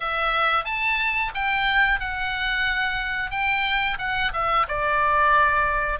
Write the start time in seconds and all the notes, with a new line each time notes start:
0.00 E5
0.65 A5
1.34 G5
1.99 F#5
3.30 G5
3.98 F#5
4.33 E5
4.68 D5